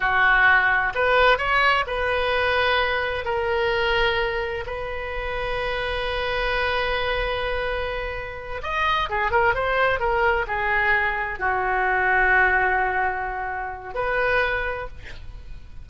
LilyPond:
\new Staff \with { instrumentName = "oboe" } { \time 4/4 \tempo 4 = 129 fis'2 b'4 cis''4 | b'2. ais'4~ | ais'2 b'2~ | b'1~ |
b'2~ b'8 dis''4 gis'8 | ais'8 c''4 ais'4 gis'4.~ | gis'8 fis'2.~ fis'8~ | fis'2 b'2 | }